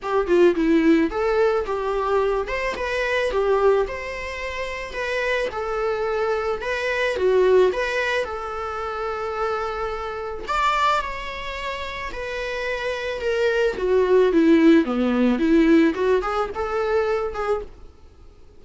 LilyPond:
\new Staff \with { instrumentName = "viola" } { \time 4/4 \tempo 4 = 109 g'8 f'8 e'4 a'4 g'4~ | g'8 c''8 b'4 g'4 c''4~ | c''4 b'4 a'2 | b'4 fis'4 b'4 a'4~ |
a'2. d''4 | cis''2 b'2 | ais'4 fis'4 e'4 b4 | e'4 fis'8 gis'8 a'4. gis'8 | }